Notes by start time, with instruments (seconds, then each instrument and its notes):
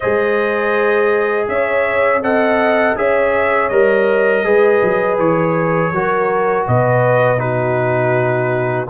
0.00 tuba G#3, trombone G#4, horn C5, trumpet D#5
1.47 tuba C#4, horn C#5, trumpet E5
2.21 tuba C4, trombone A4, horn D#5, trumpet F#5
2.96 tuba C#4, trombone G#4, horn C#5, trumpet E5
3.68 tuba G3, trombone A#4, trumpet D#5
4.44 tuba G#3, trombone G#4, horn B4
4.82 tuba F#3
5.18 tuba E3, trumpet C#5
5.91 tuba F#3, trombone F#4, horn A#4
6.66 tuba B2, horn B4, trumpet D#5
7.37 trombone D#4, horn F#4, trumpet B4